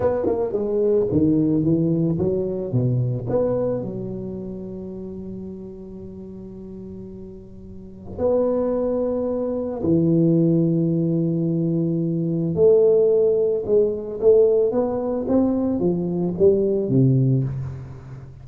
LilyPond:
\new Staff \with { instrumentName = "tuba" } { \time 4/4 \tempo 4 = 110 b8 ais8 gis4 dis4 e4 | fis4 b,4 b4 fis4~ | fis1~ | fis2. b4~ |
b2 e2~ | e2. a4~ | a4 gis4 a4 b4 | c'4 f4 g4 c4 | }